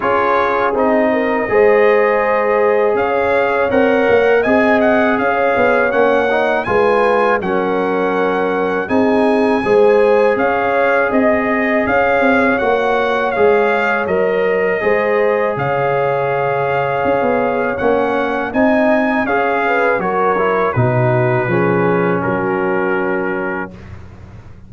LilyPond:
<<
  \new Staff \with { instrumentName = "trumpet" } { \time 4/4 \tempo 4 = 81 cis''4 dis''2. | f''4 fis''4 gis''8 fis''8 f''4 | fis''4 gis''4 fis''2 | gis''2 f''4 dis''4 |
f''4 fis''4 f''4 dis''4~ | dis''4 f''2. | fis''4 gis''4 f''4 cis''4 | b'2 ais'2 | }
  \new Staff \with { instrumentName = "horn" } { \time 4/4 gis'4. ais'8 c''2 | cis''2 dis''4 cis''4~ | cis''4 b'4 ais'2 | gis'4 c''4 cis''4 dis''4 |
cis''1 | c''4 cis''2.~ | cis''4 dis''4 cis''8 b'8 ais'4 | fis'4 gis'4 fis'2 | }
  \new Staff \with { instrumentName = "trombone" } { \time 4/4 f'4 dis'4 gis'2~ | gis'4 ais'4 gis'2 | cis'8 dis'8 f'4 cis'2 | dis'4 gis'2.~ |
gis'4 fis'4 gis'4 ais'4 | gis'1 | cis'4 dis'4 gis'4 fis'8 e'8 | dis'4 cis'2. | }
  \new Staff \with { instrumentName = "tuba" } { \time 4/4 cis'4 c'4 gis2 | cis'4 c'8 ais8 c'4 cis'8 b8 | ais4 gis4 fis2 | c'4 gis4 cis'4 c'4 |
cis'8 c'8 ais4 gis4 fis4 | gis4 cis2 cis'16 b8. | ais4 c'4 cis'4 fis4 | b,4 f4 fis2 | }
>>